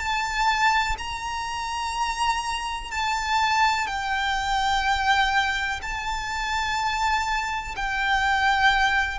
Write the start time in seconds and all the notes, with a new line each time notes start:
0.00 A5
0.99 A#5
2.92 A5
3.87 G5
5.82 A5
7.76 G5